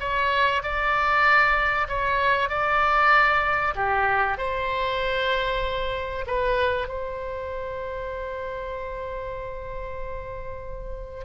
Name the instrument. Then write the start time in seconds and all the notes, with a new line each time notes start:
oboe
0.00 C#5
0.63 D5
1.88 C#5
2.49 D5
3.75 G4
4.38 C5
6.27 B4
6.88 C5